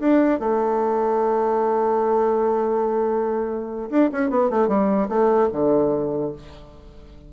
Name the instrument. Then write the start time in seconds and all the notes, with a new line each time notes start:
bassoon
0.00 D4
0.40 A3
3.90 D4
4.12 C#4
4.31 B3
4.50 A3
4.68 G3
5.09 A3
5.53 D3